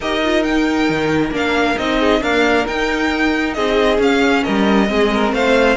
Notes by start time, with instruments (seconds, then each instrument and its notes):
0.00 cello D#4, viola G4, violin A#4 D#5
0.24 viola F4
0.43 viola D#4, violin G5
0.89 cello D#3
1.31 cello A#3, viola D4, violin F5
1.78 cello C4, viola D#4, violin D#5
1.98 violin G#4
2.21 viola A#3, cello D4, violin A#4 F5
2.67 viola D#4, cello D#4, violin G5
3.53 cello C4, violin G#4 D#5
3.97 viola C#4, cello C#4, violin F5
4.43 cello G3, violin A#4 D#5
4.86 cello G#3, viola C4, violin G#4
5.13 violin A#4
5.32 cello A3, violin C5 F5